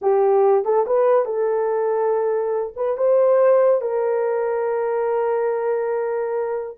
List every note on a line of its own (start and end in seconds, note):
0.01 0.64 G4
0.64 0.85 A4
0.86 1.25 B4
1.25 2.73 A4
2.76 2.97 B4
2.97 3.81 C5
3.81 6.77 A#4